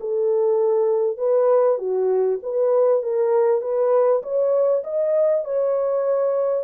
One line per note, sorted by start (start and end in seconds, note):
0.00 1.17 A4
1.17 1.78 B4
1.78 2.39 F#4
2.42 3.02 B4
3.02 3.61 A#4
3.61 4.22 B4
4.22 4.83 C#5
4.84 5.44 D#5
5.45 6.64 C#5